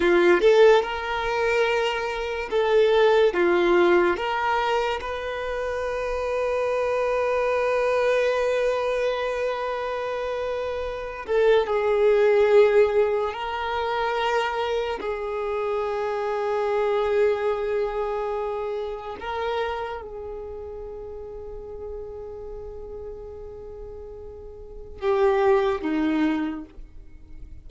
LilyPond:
\new Staff \with { instrumentName = "violin" } { \time 4/4 \tempo 4 = 72 f'8 a'8 ais'2 a'4 | f'4 ais'4 b'2~ | b'1~ | b'4. a'8 gis'2 |
ais'2 gis'2~ | gis'2. ais'4 | gis'1~ | gis'2 g'4 dis'4 | }